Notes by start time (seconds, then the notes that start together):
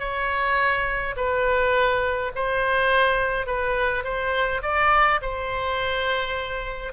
0.00 C#5
1.17 B4
2.35 C5
3.47 B4
4.04 C5
4.63 D5
5.22 C5